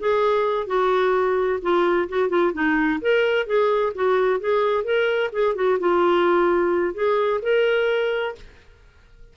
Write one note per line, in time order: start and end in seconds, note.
0.00 0.67 G#4
0.67 1.60 F#4
1.62 2.09 F4
2.09 2.30 F#4
2.30 2.53 F4
2.54 3.00 D#4
3.02 3.47 A#4
3.47 3.93 G#4
3.95 4.40 F#4
4.40 4.84 G#4
4.84 5.31 A#4
5.33 5.56 G#4
5.56 5.79 F#4
5.80 6.95 F4
6.95 7.41 G#4
7.43 8.36 A#4